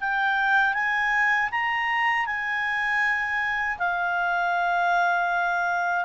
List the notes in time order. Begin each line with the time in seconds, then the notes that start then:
0.00 G5
0.73 G#5
1.51 A#5
2.26 G#5
3.78 F5